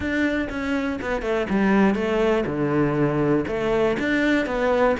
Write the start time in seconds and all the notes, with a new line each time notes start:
0.00 D4
0.49 C#4
1.01 B3
1.22 A3
1.49 G3
1.95 A3
2.46 D3
3.47 A3
3.99 D4
4.46 B3